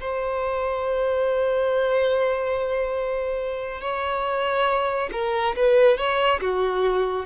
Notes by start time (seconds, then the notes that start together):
0.00 C5
3.81 C#5
5.12 A#4
5.56 B4
5.97 C#5
6.40 F#4